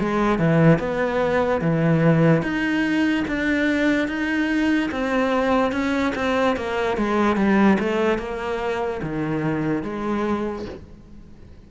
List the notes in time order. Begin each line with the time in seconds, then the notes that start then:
0.00 G#3
0.39 E3
0.79 B3
1.62 E3
2.43 D#4
3.28 D4
4.08 D#4
4.92 C4
5.72 C#4
6.16 C4
6.57 A#3
6.98 G#3
7.37 G3
7.80 A3
8.19 A#3
9.03 D#3
9.83 G#3